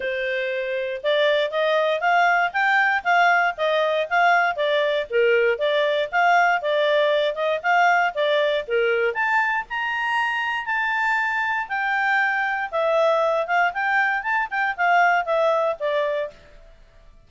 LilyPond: \new Staff \with { instrumentName = "clarinet" } { \time 4/4 \tempo 4 = 118 c''2 d''4 dis''4 | f''4 g''4 f''4 dis''4 | f''4 d''4 ais'4 d''4 | f''4 d''4. dis''8 f''4 |
d''4 ais'4 a''4 ais''4~ | ais''4 a''2 g''4~ | g''4 e''4. f''8 g''4 | a''8 g''8 f''4 e''4 d''4 | }